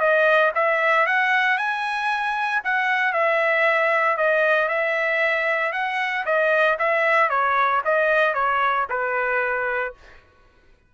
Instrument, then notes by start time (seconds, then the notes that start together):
trumpet
0.00 D#5
0.55 E5
1.07 F#5
1.58 G#5
2.64 F#5
3.14 E5
4.18 D#5
4.69 E5
5.73 F#5
6.26 D#5
6.79 E5
7.30 C#5
7.85 D#5
8.35 C#5
8.90 B4